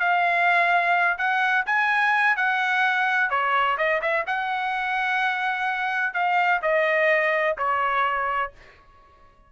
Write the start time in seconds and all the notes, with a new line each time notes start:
0.00 F5
1.18 F#5
1.66 G#5
2.37 F#5
3.30 C#5
3.78 D#5
4.02 E5
4.27 F#5
6.14 F5
6.62 D#5
7.58 C#5